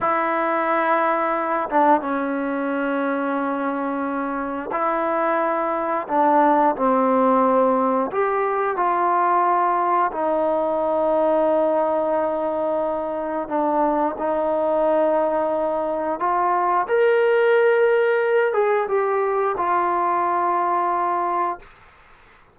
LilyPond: \new Staff \with { instrumentName = "trombone" } { \time 4/4 \tempo 4 = 89 e'2~ e'8 d'8 cis'4~ | cis'2. e'4~ | e'4 d'4 c'2 | g'4 f'2 dis'4~ |
dis'1 | d'4 dis'2. | f'4 ais'2~ ais'8 gis'8 | g'4 f'2. | }